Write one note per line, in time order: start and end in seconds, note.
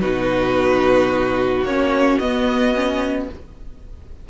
0.00 1.63 B2
0.00 1.65 D#4
0.00 3.28 F#4
0.00 1.64 B4
1.63 2.17 A#3
1.63 2.21 C#4
1.63 2.19 C#5
2.19 3.29 B3
2.19 2.75 B3
2.19 3.28 D#5
2.75 3.29 C#4